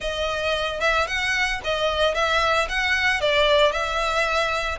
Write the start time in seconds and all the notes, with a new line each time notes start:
0.00 D#5
0.80 E5
1.07 F#5
1.64 D#5
2.14 E5
2.69 F#5
3.20 D5
3.71 E5